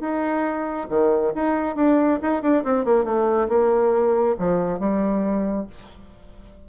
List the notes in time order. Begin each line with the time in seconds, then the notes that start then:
0.00 D#4
0.89 D#3
1.35 D#4
1.75 D4
2.22 D#4
2.42 D4
2.64 C4
2.85 A#3
3.04 A3
3.48 A#3
4.39 F3
4.79 G3